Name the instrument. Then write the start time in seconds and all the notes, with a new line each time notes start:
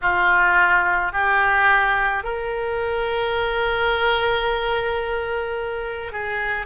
oboe
0.01 F4
1.12 G4
2.23 A#4
6.12 G#4